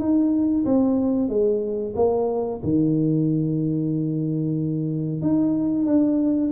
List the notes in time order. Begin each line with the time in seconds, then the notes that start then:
0.00 D#4
0.66 C4
1.29 G#3
1.96 A#3
2.64 D#3
5.22 D#4
5.86 D4